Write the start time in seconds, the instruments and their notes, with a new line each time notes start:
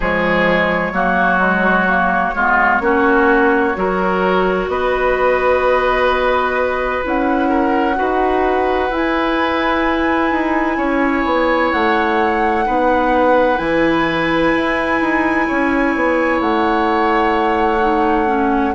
0.00 bassoon F3, clarinet G#3, oboe G#4, flute C#5
0.92 bassoon F#3, clarinet A#3, oboe F#4
1.39 clarinet G#3
1.88 clarinet A#3
2.34 bassoon G#3, clarinet B3, oboe F4
2.80 bassoon A#3, clarinet C#4, oboe F#4
3.75 bassoon F#3, clarinet F#4, oboe A#4
4.68 bassoon B3, oboe B4, flute D#5
7.03 bassoon C#4, clarinet E4, flute F#5
7.48 oboe A#4
7.95 bassoon D#4, clarinet F#4, oboe B4
8.90 bassoon E4, clarinet E4, flute G#5
10.30 bassoon D#4
10.77 bassoon C#4, oboe C#5
11.25 bassoon B3
11.71 bassoon A3, flute F#5
12.65 bassoon B3, clarinet D#4, oboe B4
13.56 bassoon E3, clarinet E4, flute G#5
14.54 bassoon E4
15.00 bassoon D#4
15.47 bassoon C#4, oboe C#5
15.95 bassoon B3
16.40 bassoon A3, flute F#5
17.79 clarinet D#4
18.26 clarinet C#4